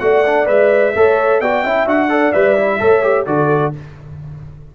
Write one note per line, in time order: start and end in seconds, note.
0.00 0.47 A3
0.00 0.25 F#4
0.00 0.96 D5
0.00 0.47 F#5
0.25 0.45 D4
0.45 0.94 G#3
0.45 0.92 B4
0.45 1.40 E5
0.95 1.40 A3
0.95 1.42 A4
0.95 1.41 C#5
1.40 1.63 B3
1.40 1.66 F#4
1.40 1.62 D5
1.40 1.87 G5
1.62 1.85 C#4
1.62 1.87 E4
1.62 2.09 E5
1.85 2.32 D4
1.85 2.09 F#4
1.85 2.32 F#5
2.09 2.32 A4
2.09 2.80 D5
2.32 2.81 G3
2.32 2.56 B4
2.32 3.25 E5
2.57 2.79 E4
2.79 3.26 A3
2.79 3.02 A4
2.79 3.27 C#5
3.02 3.26 G4
3.25 3.73 D3
3.25 3.73 F#4
3.25 3.75 A4
3.25 3.72 D5